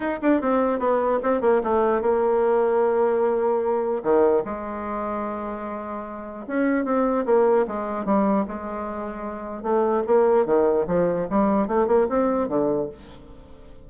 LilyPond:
\new Staff \with { instrumentName = "bassoon" } { \time 4/4 \tempo 4 = 149 dis'8 d'8 c'4 b4 c'8 ais8 | a4 ais2.~ | ais2 dis4 gis4~ | gis1 |
cis'4 c'4 ais4 gis4 | g4 gis2. | a4 ais4 dis4 f4 | g4 a8 ais8 c'4 d4 | }